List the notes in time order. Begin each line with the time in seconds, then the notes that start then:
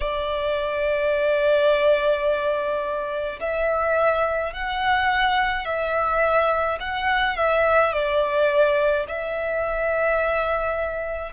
0.00 D5
3.40 E5
4.53 F#5
5.65 E5
6.80 F#5
7.36 E5
7.92 D5
9.08 E5